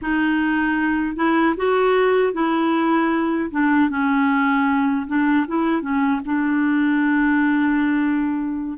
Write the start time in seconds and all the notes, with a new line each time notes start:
0.01 D#4
1.16 E4
1.56 F#4
2.33 E4
3.51 D4
3.89 C#4
5.06 D4
5.47 E4
5.81 C#4
6.25 D4